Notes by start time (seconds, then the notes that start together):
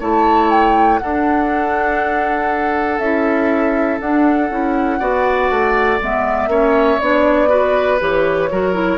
0.00 A3 E4 C#5 A5
0.51 G5
0.99 D4 A4 F#5
2.99 C#4 E4 E5
4.00 D4 F#5
4.50 C#4 E4
5.00 B3 F#4 D5
5.50 A3
6.00 G#3 B3 E5
6.48 A#3 C#4 C#5
7.00 B3 D4 D5
7.49 F#4 B4
8.00 E3 G4 C#5
8.51 F#3 F#4 A#4
8.74 E4